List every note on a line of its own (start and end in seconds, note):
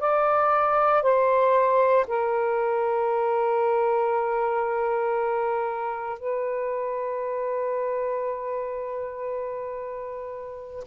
0.00 1.03 D5
1.03 2.06 C5
2.07 6.19 A#4
6.19 10.84 B4